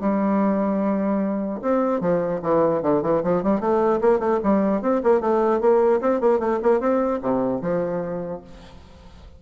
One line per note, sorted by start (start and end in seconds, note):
0.00 1.60 G3
1.62 2.00 C4
2.00 2.40 F3
2.42 2.82 E3
2.82 3.02 D3
3.02 3.22 E3
3.23 3.43 F3
3.43 3.60 G3
3.60 4.00 A3
4.01 4.19 A#3
4.19 4.39 A3
4.43 4.81 G3
4.81 5.01 C4
5.03 5.20 A#3
5.20 5.60 A3
5.60 6.00 A#3
6.01 6.20 C4
6.20 6.39 A#3
6.39 6.59 A3
6.62 6.80 A#3
6.80 7.20 C4
7.21 7.61 C3
7.61 8.41 F3